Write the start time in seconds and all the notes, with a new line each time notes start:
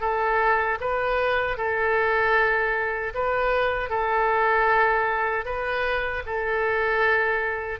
0.00 A4
0.80 B4
1.57 A4
3.14 B4
3.89 A4
5.45 B4
6.26 A4